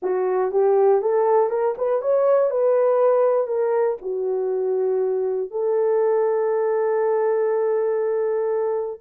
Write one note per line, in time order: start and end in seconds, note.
0.02 0.51 F#4
0.51 1.01 G4
1.01 1.49 A4
1.49 1.74 A#4
1.77 2.01 B4
2.01 2.50 C#5
2.50 3.47 B4
3.47 3.97 A#4
4.01 5.50 F#4
5.50 9.00 A4